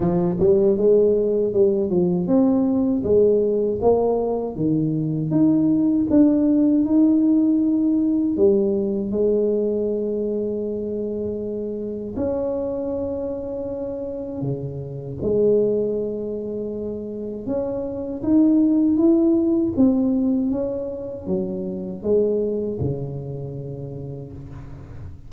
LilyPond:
\new Staff \with { instrumentName = "tuba" } { \time 4/4 \tempo 4 = 79 f8 g8 gis4 g8 f8 c'4 | gis4 ais4 dis4 dis'4 | d'4 dis'2 g4 | gis1 |
cis'2. cis4 | gis2. cis'4 | dis'4 e'4 c'4 cis'4 | fis4 gis4 cis2 | }